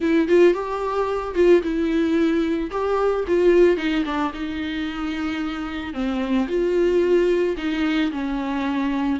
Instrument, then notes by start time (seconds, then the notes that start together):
viola
0.00 E4
0.28 F4
0.53 G4
1.34 F4
1.62 E4
2.71 G4
3.27 F4
3.77 D#4
4.05 D4
4.33 D#4
5.93 C4
6.47 F4
7.57 D#4
8.11 C#4